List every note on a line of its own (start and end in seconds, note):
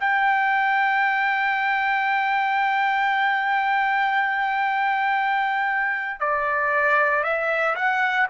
0.00 6.20 G5
6.20 7.24 D5
7.24 7.75 E5
7.75 8.27 F#5